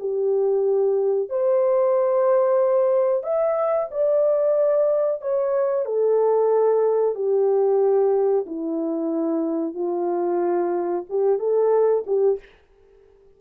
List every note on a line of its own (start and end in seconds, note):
0.00 1.30 G4
1.30 3.23 C5
3.23 3.89 E5
3.91 5.21 D5
5.21 5.85 C#5
5.85 7.15 A4
7.15 8.45 G4
8.46 9.74 E4
9.74 11.05 F4
11.10 11.39 G4
11.39 12.04 A4
12.07 12.39 G4